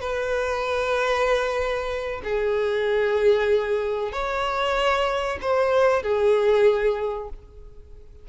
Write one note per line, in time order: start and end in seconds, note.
0.00 2.21 B4
2.24 4.12 G#4
4.12 5.39 C#5
5.41 6.03 C5
6.03 7.29 G#4